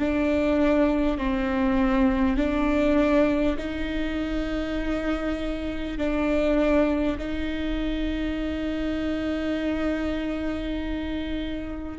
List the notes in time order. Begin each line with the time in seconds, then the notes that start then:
0.00 D4
1.18 C4
2.37 D4
3.58 D#4
5.98 D4
7.19 D#4